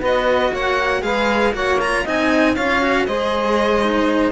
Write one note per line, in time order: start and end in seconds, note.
0.00 0.52 B3
0.00 1.02 F#4
0.00 0.51 B4
0.00 0.55 D#5
0.51 1.03 A#3
0.51 1.02 C#5
0.51 1.03 F#5
1.02 1.53 G#3
1.02 1.53 G#4
1.02 1.54 B4
1.02 1.53 F5
1.53 2.04 A#3
1.53 1.79 F#4
1.53 2.04 C#5
1.53 1.80 F#5
1.80 2.06 F4
1.80 2.06 A#5
2.04 2.58 C4
2.04 2.56 D#4
2.04 2.54 D#5
2.04 2.56 G#5
2.54 3.07 C#4
2.54 2.82 F4
2.54 3.05 C#5
2.54 3.06 F5
2.82 3.07 F#4
3.06 4.32 G#3
3.06 3.82 G#4
3.06 4.32 C5
3.06 4.32 D#5
3.82 4.32 D#4